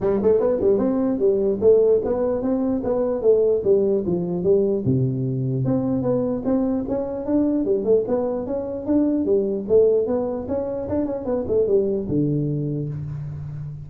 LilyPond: \new Staff \with { instrumentName = "tuba" } { \time 4/4 \tempo 4 = 149 g8 a8 b8 g8 c'4 g4 | a4 b4 c'4 b4 | a4 g4 f4 g4 | c2 c'4 b4 |
c'4 cis'4 d'4 g8 a8 | b4 cis'4 d'4 g4 | a4 b4 cis'4 d'8 cis'8 | b8 a8 g4 d2 | }